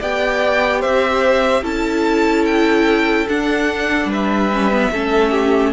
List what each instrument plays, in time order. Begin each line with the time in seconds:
0.00 cello B3, viola G4, violin D5 G5
0.80 cello C4, violin C5 E5
1.62 cello C#4, viola E4, violin A4 A5
2.46 violin G5
3.29 viola D4, cello D4, violin F#5
4.06 cello G3, violin B4
4.13 violin E5
4.53 viola C#4
4.72 viola B3
4.92 cello A3, viola C#4, violin A4
5.31 violin G4